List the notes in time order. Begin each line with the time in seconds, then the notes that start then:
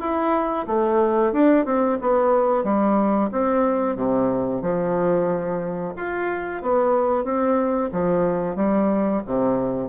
0.00 E4
0.67 A3
1.33 D4
1.65 C4
2.01 B3
2.64 G3
3.32 C4
3.96 C3
4.62 F3
5.96 F4
6.62 B3
7.24 C4
7.92 F3
8.56 G3
9.26 C3